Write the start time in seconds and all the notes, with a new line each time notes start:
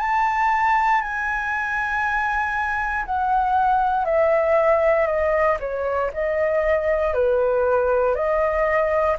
0.00 A5
1.02 G#5
3.06 F#5
4.05 E5
5.06 D#5
5.60 C#5
6.13 D#5
7.14 B4
8.15 D#5